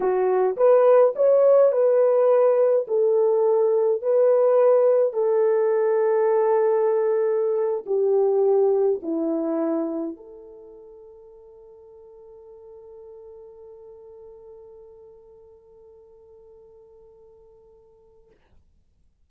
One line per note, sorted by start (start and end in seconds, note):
0.00 0.56 F#4
0.56 1.14 B4
1.15 1.71 C#5
1.71 2.86 B4
2.87 4.02 A4
4.02 5.13 B4
5.13 7.84 A4
7.86 9.00 G4
9.02 10.16 E4
10.16 18.30 A4